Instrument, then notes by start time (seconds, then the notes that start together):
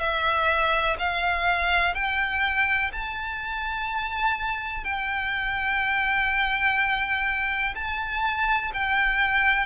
violin
0.00 E5
0.99 F5
1.94 G5
2.93 A5
4.84 G5
7.75 A5
8.74 G5